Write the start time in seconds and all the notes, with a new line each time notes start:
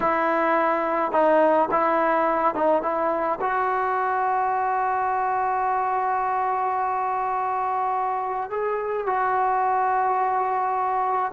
0.00 E4
1.12 D#4
1.71 E4
2.54 D#4
2.82 E4
3.40 F#4
8.50 G#4
9.06 F#4